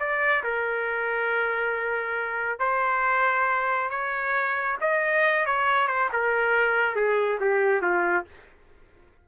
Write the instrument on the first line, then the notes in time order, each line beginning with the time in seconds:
trumpet
0.00 D5
0.44 A#4
2.60 C5
3.91 C#5
4.81 D#5
5.46 C#5
5.88 C5
6.13 A#4
6.96 G#4
7.41 G4
7.82 F4